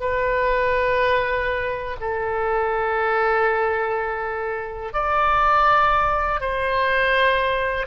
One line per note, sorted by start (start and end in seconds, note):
0.00 1.97 B4
2.00 4.93 A4
4.93 6.40 D5
6.40 7.86 C5